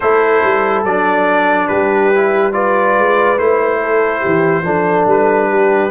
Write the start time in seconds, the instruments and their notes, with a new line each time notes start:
0.00 tuba A3, trombone E4, horn A4, trumpet C5
0.43 tuba G3
0.84 tuba F#3, trombone D4, trumpet D5
1.67 tuba G3, horn G4, trumpet B4
2.14 trombone E4
2.52 trombone F4, horn B4, trumpet D5
2.97 tuba G#3
3.38 tuba A3, trombone E4, trumpet C5
3.81 horn A4
4.20 tuba E3, horn G4
4.62 tuba F3, trombone D4, horn A4
5.06 tuba G3, trumpet B4
5.49 horn G4